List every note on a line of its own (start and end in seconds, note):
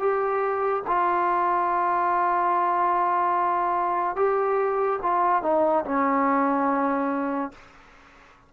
0.00 0.83 G4
0.87 4.17 F4
4.17 5.00 G4
5.03 5.43 F4
5.43 5.85 D#4
5.85 7.52 C#4